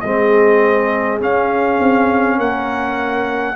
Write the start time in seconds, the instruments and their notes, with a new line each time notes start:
0.00 tuba G#3, trombone C4, horn G#4, trumpet D#5
1.19 trombone C#4, tuba C#4, trumpet F5
1.80 tuba C4
2.37 tuba A#3, horn A#4, trumpet F#5